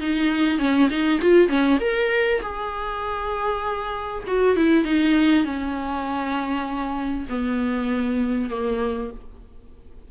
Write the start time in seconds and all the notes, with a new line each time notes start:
0.00 D#4
0.58 C#4
0.90 D#4
1.21 F4
1.48 C#4
1.80 A#4
2.42 G#4
4.27 F#4
4.56 E4
4.84 D#4
5.44 C#4
7.29 B3
8.50 A#3